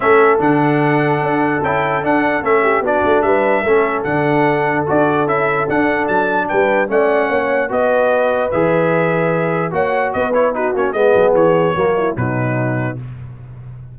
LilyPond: <<
  \new Staff \with { instrumentName = "trumpet" } { \time 4/4 \tempo 4 = 148 e''4 fis''2. | g''4 fis''4 e''4 d''4 | e''2 fis''2 | d''4 e''4 fis''4 a''4 |
g''4 fis''2 dis''4~ | dis''4 e''2. | fis''4 dis''8 cis''8 b'8 cis''8 dis''4 | cis''2 b'2 | }
  \new Staff \with { instrumentName = "horn" } { \time 4/4 a'1~ | a'2~ a'8 g'8 fis'4 | b'4 a'2.~ | a'1 |
b'4 d''4 cis''4 b'4~ | b'1 | cis''4 b'4 fis'4 gis'4~ | gis'4 fis'8 e'8 dis'2 | }
  \new Staff \with { instrumentName = "trombone" } { \time 4/4 cis'4 d'2. | e'4 d'4 cis'4 d'4~ | d'4 cis'4 d'2 | fis'4 e'4 d'2~ |
d'4 cis'2 fis'4~ | fis'4 gis'2. | fis'4. e'8 dis'8 cis'8 b4~ | b4 ais4 fis2 | }
  \new Staff \with { instrumentName = "tuba" } { \time 4/4 a4 d2 d'4 | cis'4 d'4 a4 b8 a8 | g4 a4 d2 | d'4 cis'4 d'4 fis4 |
g4 a4 ais4 b4~ | b4 e2. | ais4 b4. ais8 gis8 fis8 | e4 fis4 b,2 | }
>>